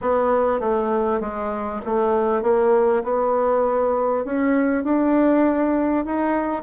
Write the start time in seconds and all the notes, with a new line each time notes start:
0.01 B3
0.60 A3
1.20 G#3
1.85 A3
2.42 A#3
3.03 B3
4.24 C#4
4.83 D4
6.05 D#4